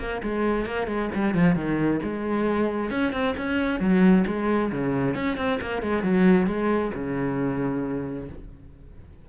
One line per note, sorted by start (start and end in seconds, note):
0.00 0.22 A#3
0.23 0.66 G#3
0.66 0.88 A#3
0.88 1.10 G#3
1.15 1.35 G3
1.35 1.56 F3
1.56 2.01 D#3
2.04 2.91 G#3
2.91 3.13 C#4
3.13 3.35 C4
3.38 3.80 C#4
3.80 4.25 F#3
4.27 4.72 G#3
4.73 5.16 C#3
5.16 5.38 C#4
5.38 5.60 C4
5.61 5.83 A#3
5.83 6.04 G#3
6.04 6.47 F#3
6.47 6.92 G#3
6.95 8.29 C#3